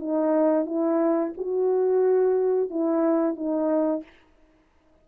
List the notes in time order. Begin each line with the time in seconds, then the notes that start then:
0.00 D#4
0.66 E4
1.38 F#4
2.71 E4
3.36 D#4